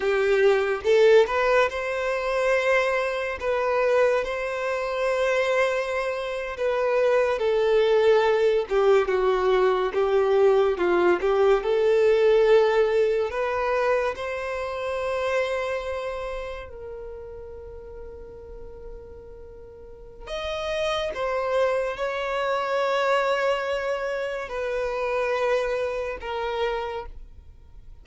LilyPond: \new Staff \with { instrumentName = "violin" } { \time 4/4 \tempo 4 = 71 g'4 a'8 b'8 c''2 | b'4 c''2~ c''8. b'16~ | b'8. a'4. g'8 fis'4 g'16~ | g'8. f'8 g'8 a'2 b'16~ |
b'8. c''2. ais'16~ | ais'1 | dis''4 c''4 cis''2~ | cis''4 b'2 ais'4 | }